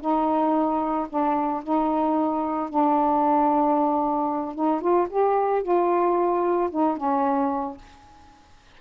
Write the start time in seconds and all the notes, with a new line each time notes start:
0.00 D#4
1.09 D4
1.63 D#4
2.69 D4
4.55 D#4
4.80 F4
5.09 G4
5.62 F4
6.70 D#4
6.97 C#4